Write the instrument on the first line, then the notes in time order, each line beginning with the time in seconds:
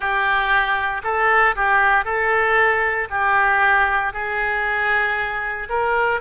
oboe
0.00 G4
1.03 A4
1.55 G4
2.05 A4
3.10 G4
4.13 G#4
5.69 A#4